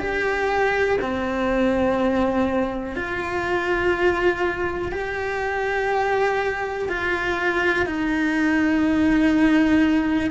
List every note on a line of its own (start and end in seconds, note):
0.00 0.98 G4
1.01 2.96 C4
2.96 4.92 F4
4.92 6.89 G4
6.89 7.86 F4
7.86 10.31 D#4